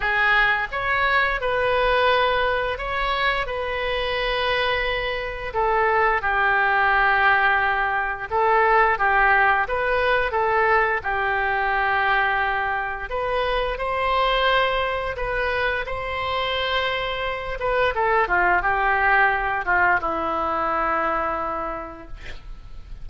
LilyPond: \new Staff \with { instrumentName = "oboe" } { \time 4/4 \tempo 4 = 87 gis'4 cis''4 b'2 | cis''4 b'2. | a'4 g'2. | a'4 g'4 b'4 a'4 |
g'2. b'4 | c''2 b'4 c''4~ | c''4. b'8 a'8 f'8 g'4~ | g'8 f'8 e'2. | }